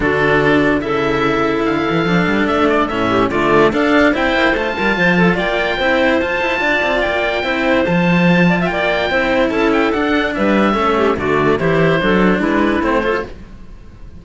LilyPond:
<<
  \new Staff \with { instrumentName = "oboe" } { \time 4/4 \tempo 4 = 145 a'2 e''2 | f''2 e''8 d''8 e''4 | d''4 f''4 g''4 a''4~ | a''4 g''2 a''4~ |
a''4 g''2 a''4~ | a''4 g''2 a''8 g''8 | fis''4 e''2 d''4 | c''2 b'4 c''4 | }
  \new Staff \with { instrumentName = "clarinet" } { \time 4/4 fis'2 a'2~ | a'2.~ a'8 g'8 | f'4 a'4 c''4. ais'8 | c''8 a'8 d''4 c''2 |
d''2 c''2~ | c''8 d''16 e''16 d''4 c''4 a'4~ | a'4 b'4 a'8 g'8 fis'4 | g'4 a'4 e'4. a'8 | }
  \new Staff \with { instrumentName = "cello" } { \time 4/4 d'2 e'2~ | e'4 d'2 cis'4 | a4 d'4 e'4 f'4~ | f'2 e'4 f'4~ |
f'2 e'4 f'4~ | f'2 e'2 | d'2 cis'4 a4 | e'4 d'2 c'8 f'8 | }
  \new Staff \with { instrumentName = "cello" } { \time 4/4 d2 cis2 | d8 e8 f8 g8 a4 a,4 | d4 d'4 c'8 ais8 a8 g8 | f4 ais4 c'4 f'8 e'8 |
d'8 c'8 ais4 c'4 f4~ | f4 ais4 c'4 cis'4 | d'4 g4 a4 d4 | e4 fis4 gis4 a4 | }
>>